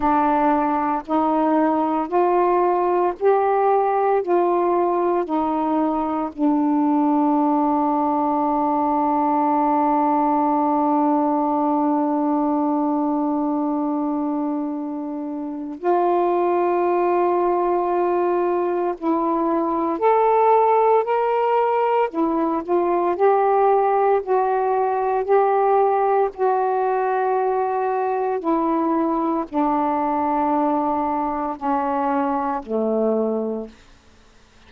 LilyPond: \new Staff \with { instrumentName = "saxophone" } { \time 4/4 \tempo 4 = 57 d'4 dis'4 f'4 g'4 | f'4 dis'4 d'2~ | d'1~ | d'2. f'4~ |
f'2 e'4 a'4 | ais'4 e'8 f'8 g'4 fis'4 | g'4 fis'2 e'4 | d'2 cis'4 a4 | }